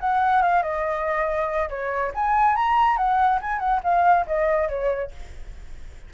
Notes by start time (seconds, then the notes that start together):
0.00 F#5
0.42 F5
0.62 D#5
1.69 C#5
2.15 G#5
2.56 A#5
2.97 F#5
3.41 G#5
3.59 F#5
3.83 F5
4.26 D#5
4.68 C#5